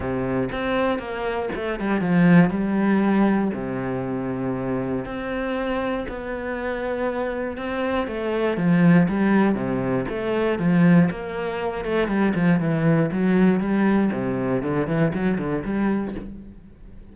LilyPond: \new Staff \with { instrumentName = "cello" } { \time 4/4 \tempo 4 = 119 c4 c'4 ais4 a8 g8 | f4 g2 c4~ | c2 c'2 | b2. c'4 |
a4 f4 g4 c4 | a4 f4 ais4. a8 | g8 f8 e4 fis4 g4 | c4 d8 e8 fis8 d8 g4 | }